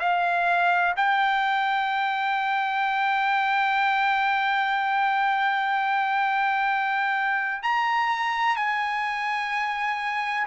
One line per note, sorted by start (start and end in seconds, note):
0.00 0.95 F5
0.97 7.63 G5
7.63 8.56 A#5
8.56 10.47 G#5